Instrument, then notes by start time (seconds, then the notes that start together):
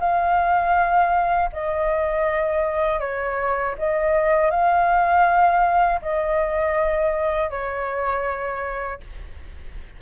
flute
0.00 F5
1.53 D#5
3.00 C#5
3.78 D#5
4.51 F5
6.02 D#5
7.50 C#5